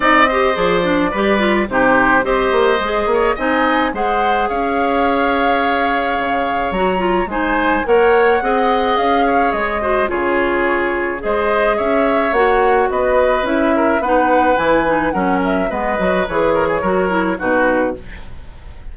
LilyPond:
<<
  \new Staff \with { instrumentName = "flute" } { \time 4/4 \tempo 4 = 107 dis''4 d''2 c''4 | dis''2 gis''4 fis''4 | f''1 | ais''4 gis''4 fis''2 |
f''4 dis''4 cis''2 | dis''4 e''4 fis''4 dis''4 | e''4 fis''4 gis''4 fis''8 e''8 | dis''4 cis''2 b'4 | }
  \new Staff \with { instrumentName = "oboe" } { \time 4/4 d''8 c''4. b'4 g'4 | c''4. cis''8 dis''4 c''4 | cis''1~ | cis''4 c''4 cis''4 dis''4~ |
dis''8 cis''4 c''8 gis'2 | c''4 cis''2 b'4~ | b'8 ais'8 b'2 ais'4 | b'4. ais'16 gis'16 ais'4 fis'4 | }
  \new Staff \with { instrumentName = "clarinet" } { \time 4/4 dis'8 g'8 gis'8 d'8 g'8 f'8 dis'4 | g'4 gis'4 dis'4 gis'4~ | gis'1 | fis'8 f'8 dis'4 ais'4 gis'4~ |
gis'4. fis'8 f'2 | gis'2 fis'2 | e'4 dis'4 e'8 dis'8 cis'4 | b8 fis'8 gis'4 fis'8 e'8 dis'4 | }
  \new Staff \with { instrumentName = "bassoon" } { \time 4/4 c'4 f4 g4 c4 | c'8 ais8 gis8 ais8 c'4 gis4 | cis'2. cis4 | fis4 gis4 ais4 c'4 |
cis'4 gis4 cis2 | gis4 cis'4 ais4 b4 | cis'4 b4 e4 fis4 | gis8 fis8 e4 fis4 b,4 | }
>>